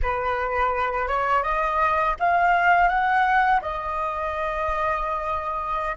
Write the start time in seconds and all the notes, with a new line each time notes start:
0.02 B4
1.07 C#5
1.43 D#5
2.19 F5
2.88 F#5
3.61 D#5